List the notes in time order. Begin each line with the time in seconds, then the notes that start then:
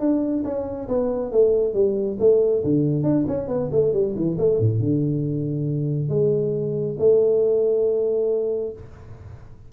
0.00 D4
0.45 C#4
0.88 B3
1.32 A3
1.74 G3
2.20 A3
2.64 D3
3.04 D4
3.28 C#4
3.48 B3
3.72 A3
3.93 G3
4.16 E3
4.39 A3
4.60 A2
4.80 D3
6.09 G#3
6.99 A3